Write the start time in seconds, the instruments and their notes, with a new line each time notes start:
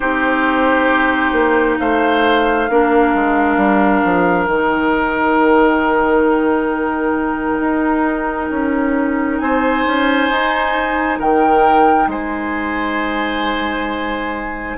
0.00 bassoon C4, clarinet D#4, oboe G4, flute C5
1.32 bassoon A#3
1.79 bassoon A3, oboe C5, flute F5
2.69 bassoon A#3, clarinet D4, oboe A#4
3.14 bassoon G#3
3.57 bassoon G3
4.04 bassoon F3
4.46 bassoon D#3, clarinet D#4, flute G5
7.60 bassoon D#4
8.50 bassoon C#4
9.38 bassoon C4, oboe C5, flute G#5
9.86 bassoon C#4
10.29 bassoon D#4
11.18 bassoon D#3, oboe A#4, flute G5
12.07 bassoon G#3, oboe C5, flute G#5